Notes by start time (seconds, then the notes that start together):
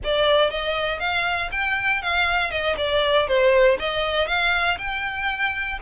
0.03 D5
0.50 D#5
0.99 F5
1.51 G5
2.01 F5
2.50 D#5
2.77 D5
3.27 C5
3.79 D#5
4.27 F5
4.78 G5